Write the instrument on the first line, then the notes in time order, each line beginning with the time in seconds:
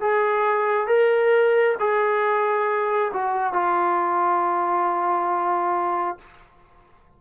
trombone
0.00 G#4
0.87 A#4
1.79 G#4
3.13 F#4
3.53 F4